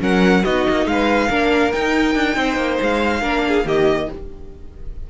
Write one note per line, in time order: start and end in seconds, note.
0.00 0.43 F#3
0.00 0.43 C#4
0.00 0.44 A#4
0.00 0.44 F#5
0.44 0.67 B3
0.44 1.30 D#4
0.44 0.87 F#4
0.44 0.87 D#5
0.69 0.86 A#3
0.86 1.29 G#3
0.86 1.29 B4
0.86 1.72 F5
1.29 1.73 A#3
1.29 1.73 D4
1.29 2.37 A#4
1.72 3.22 D#4
1.72 2.15 D#4
1.72 2.79 G5
2.15 2.36 D4
2.36 2.57 C4
2.36 3.22 C5
2.57 2.78 A#3
2.81 3.22 G#3
2.81 3.67 F5
3.22 3.65 A#3
3.22 3.65 D4
3.22 3.43 A#4
3.47 3.66 G#4
3.65 4.08 D#3
3.65 4.08 A#3
3.65 4.09 G4
3.65 4.10 D#5